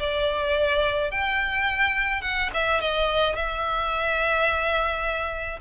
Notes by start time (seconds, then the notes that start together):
0.00 D5
1.11 G5
2.22 F#5
2.54 E5
2.81 D#5
3.36 E5